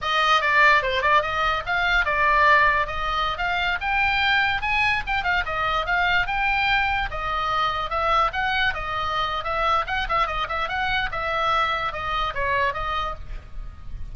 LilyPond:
\new Staff \with { instrumentName = "oboe" } { \time 4/4 \tempo 4 = 146 dis''4 d''4 c''8 d''8 dis''4 | f''4 d''2 dis''4~ | dis''16 f''4 g''2 gis''8.~ | gis''16 g''8 f''8 dis''4 f''4 g''8.~ |
g''4~ g''16 dis''2 e''8.~ | e''16 fis''4 dis''4.~ dis''16 e''4 | fis''8 e''8 dis''8 e''8 fis''4 e''4~ | e''4 dis''4 cis''4 dis''4 | }